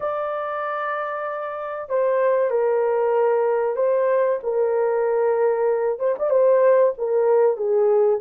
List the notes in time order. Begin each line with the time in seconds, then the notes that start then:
0.00 D5
1.89 C5
2.50 A#4
3.76 C5
4.43 A#4
5.99 C5
6.19 D5
6.30 C5
6.98 A#4
7.56 G#4